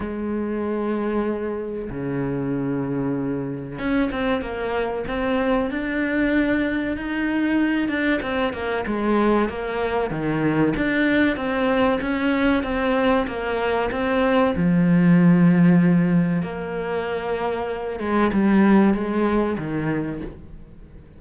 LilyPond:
\new Staff \with { instrumentName = "cello" } { \time 4/4 \tempo 4 = 95 gis2. cis4~ | cis2 cis'8 c'8 ais4 | c'4 d'2 dis'4~ | dis'8 d'8 c'8 ais8 gis4 ais4 |
dis4 d'4 c'4 cis'4 | c'4 ais4 c'4 f4~ | f2 ais2~ | ais8 gis8 g4 gis4 dis4 | }